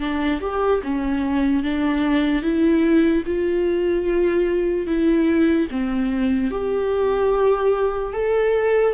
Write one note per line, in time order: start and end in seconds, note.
0.00 0.41 D4
0.41 0.81 G4
0.83 1.63 C#4
1.63 2.42 D4
2.42 3.23 E4
3.26 4.86 F4
4.86 5.68 E4
5.71 6.51 C4
6.51 8.13 G4
8.13 8.94 A4